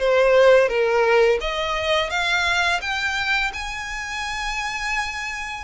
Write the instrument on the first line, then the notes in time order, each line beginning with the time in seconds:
violin
0.00 C5
0.68 A#4
1.41 D#5
2.10 F5
2.81 G5
3.53 G#5